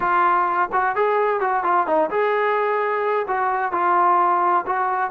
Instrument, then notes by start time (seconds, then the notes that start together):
trombone
0.00 F4
0.72 F#4
0.95 G#4
1.40 F#4
1.63 F4
1.86 D#4
2.10 G#4
3.27 F#4
3.72 F4
4.66 F#4